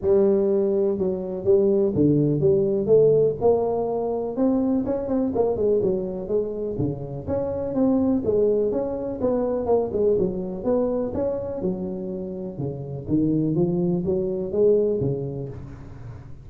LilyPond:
\new Staff \with { instrumentName = "tuba" } { \time 4/4 \tempo 4 = 124 g2 fis4 g4 | d4 g4 a4 ais4~ | ais4 c'4 cis'8 c'8 ais8 gis8 | fis4 gis4 cis4 cis'4 |
c'4 gis4 cis'4 b4 | ais8 gis8 fis4 b4 cis'4 | fis2 cis4 dis4 | f4 fis4 gis4 cis4 | }